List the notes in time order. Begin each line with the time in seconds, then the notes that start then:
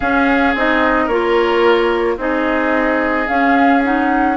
0.00 C#4 G#4 F5
0.55 C4 D#4 D#5
1.04 A#3 F4 A#4 C#5
2.17 C4 D#4 G#4 D#5
3.27 C#4 F5
3.83 D#4 F#5